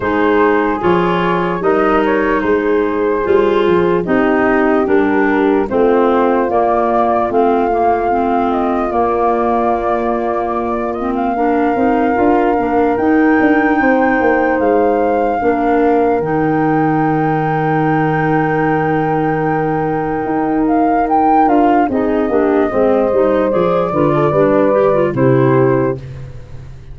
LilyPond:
<<
  \new Staff \with { instrumentName = "flute" } { \time 4/4 \tempo 4 = 74 c''4 cis''4 dis''8 cis''8 c''4~ | c''4 dis''4 ais'4 c''4 | d''4 f''4. dis''8 d''4~ | d''4. dis''16 f''2~ f''16 |
g''2 f''2 | g''1~ | g''4. f''8 g''8 f''8 dis''4~ | dis''4 d''2 c''4 | }
  \new Staff \with { instrumentName = "horn" } { \time 4/4 gis'2 ais'4 gis'4~ | gis'4 g'2 f'4~ | f'1~ | f'2 ais'2~ |
ais'4 c''2 ais'4~ | ais'1~ | ais'2. gis'8 g'8 | c''4. b'16 a'16 b'4 g'4 | }
  \new Staff \with { instrumentName = "clarinet" } { \time 4/4 dis'4 f'4 dis'2 | f'4 dis'4 d'4 c'4 | ais4 c'8 ais8 c'4 ais4~ | ais4. c'8 d'8 dis'8 f'8 d'8 |
dis'2. d'4 | dis'1~ | dis'2~ dis'8 f'8 dis'8 d'8 | c'8 dis'8 gis'8 f'8 d'8 g'16 f'16 e'4 | }
  \new Staff \with { instrumentName = "tuba" } { \time 4/4 gis4 f4 g4 gis4 | g8 f8 c'4 g4 a4 | ais4 a2 ais4~ | ais2~ ais8 c'8 d'8 ais8 |
dis'8 d'8 c'8 ais8 gis4 ais4 | dis1~ | dis4 dis'4. d'8 c'8 ais8 | gis8 g8 f8 d8 g4 c4 | }
>>